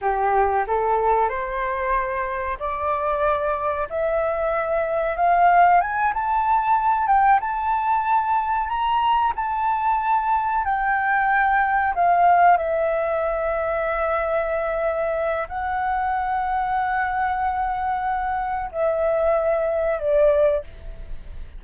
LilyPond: \new Staff \with { instrumentName = "flute" } { \time 4/4 \tempo 4 = 93 g'4 a'4 c''2 | d''2 e''2 | f''4 gis''8 a''4. g''8 a''8~ | a''4. ais''4 a''4.~ |
a''8 g''2 f''4 e''8~ | e''1 | fis''1~ | fis''4 e''2 d''4 | }